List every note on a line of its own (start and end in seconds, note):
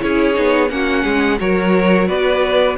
0.00 0.37 C#4
0.00 0.33 E4
0.00 0.72 G#4
0.00 0.70 C#5
0.33 0.70 B3
0.33 0.67 D#4
0.69 1.04 A#3
0.69 1.38 C#4
0.69 1.03 F#4
0.69 1.39 F#5
1.03 1.39 G#3
1.03 1.37 G#4
1.39 2.09 F#3
1.39 2.77 F#4
1.39 2.07 A#4
1.39 2.07 C#5
2.07 2.77 B3
2.07 2.76 B4
2.07 2.76 D5